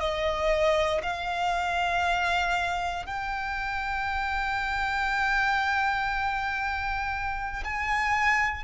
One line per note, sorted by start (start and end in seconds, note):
0.00 1.02 D#5
1.03 3.06 F5
3.06 7.64 G5
7.65 8.64 G#5